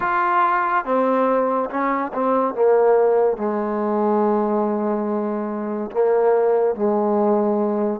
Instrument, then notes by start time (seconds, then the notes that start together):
trombone
0.00 F4
0.85 C4
1.69 C#4
2.13 C4
2.55 A#3
3.37 G#3
5.91 A#3
6.75 G#3